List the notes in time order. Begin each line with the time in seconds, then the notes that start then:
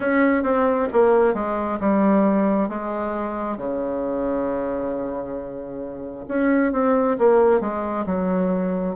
0.00 C#4
0.43 C4
0.92 A#3
1.34 G#3
1.80 G3
2.69 G#3
3.57 C#3
6.27 C#4
6.72 C4
7.18 A#3
7.60 G#3
8.06 F#3